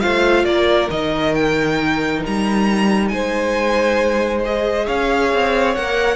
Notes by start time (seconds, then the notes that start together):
0.00 A3 F4 C5 F5
0.44 A#3 A#4 D5
0.90 D#3 D#4 D#5
1.34 G5
2.26 G3 A#5
3.08 G#3 C5 G#5
4.43 G#4 D#5
4.86 C#4 C#5 F5
5.33 C4
5.74 A#3 A#4 F#5